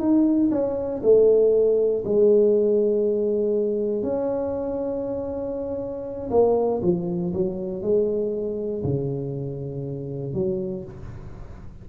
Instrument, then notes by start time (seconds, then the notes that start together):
tuba
0.00 D#4
0.51 C#4
1.03 A3
2.05 G#3
4.03 C#4
6.31 A#3
6.83 F3
7.34 F#3
7.82 G#3
8.84 C#3
10.34 F#3